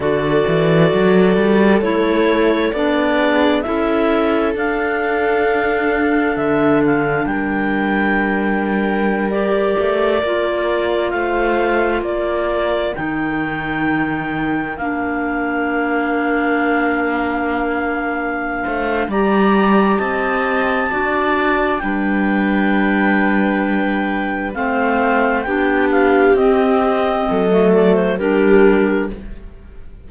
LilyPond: <<
  \new Staff \with { instrumentName = "clarinet" } { \time 4/4 \tempo 4 = 66 d''2 cis''4 d''4 | e''4 f''2 e''8 f''8 | g''2~ g''16 d''4.~ d''16~ | d''16 f''4 d''4 g''4.~ g''16~ |
g''16 f''2.~ f''8.~ | f''4 ais''4 a''2 | g''2. f''4 | g''8 f''8 dis''4. d''16 c''16 ais'4 | }
  \new Staff \with { instrumentName = "viola" } { \time 4/4 a'2.~ a'8 gis'8 | a'1 | ais'1~ | ais'16 c''4 ais'2~ ais'8.~ |
ais'1~ | ais'8 c''8 d''4 dis''4 d''4 | b'2. c''4 | g'2 a'4 g'4 | }
  \new Staff \with { instrumentName = "clarinet" } { \time 4/4 fis'2 e'4 d'4 | e'4 d'2.~ | d'2~ d'16 g'4 f'8.~ | f'2~ f'16 dis'4.~ dis'16~ |
dis'16 d'2.~ d'8.~ | d'4 g'2 fis'4 | d'2. c'4 | d'4 c'4~ c'16 a8. d'4 | }
  \new Staff \with { instrumentName = "cello" } { \time 4/4 d8 e8 fis8 g8 a4 b4 | cis'4 d'2 d4 | g2~ g8. a8 ais8.~ | ais16 a4 ais4 dis4.~ dis16~ |
dis16 ais2.~ ais8.~ | ais8 a8 g4 c'4 d'4 | g2. a4 | b4 c'4 fis4 g4 | }
>>